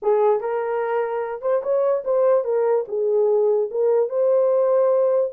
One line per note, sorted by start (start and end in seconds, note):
0.02 0.40 G#4
0.40 1.41 A#4
1.41 1.62 C5
1.62 2.03 C#5
2.04 2.44 C5
2.44 2.85 A#4
2.88 3.69 G#4
3.70 4.09 A#4
4.09 5.31 C5